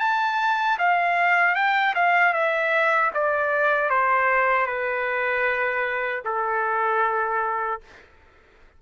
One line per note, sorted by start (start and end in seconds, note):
0.00 0.78 A5
0.79 1.55 F5
1.55 1.94 G5
1.95 2.33 F5
2.33 3.11 E5
3.14 3.90 D5
3.90 4.67 C5
4.67 6.22 B4
6.25 7.81 A4